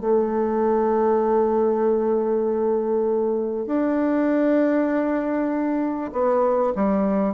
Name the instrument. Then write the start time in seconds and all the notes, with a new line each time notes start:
bassoon
0.00 A3
3.66 D4
6.12 B3
6.75 G3